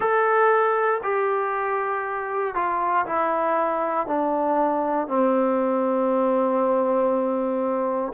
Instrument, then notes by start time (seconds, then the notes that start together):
trombone
0.00 A4
1.03 G4
2.54 F4
3.06 E4
4.06 D4
5.07 C4